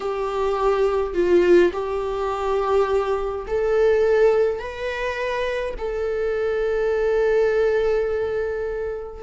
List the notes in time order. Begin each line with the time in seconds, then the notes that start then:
0.00 G4
1.14 F4
1.73 G4
3.47 A4
4.59 B4
5.77 A4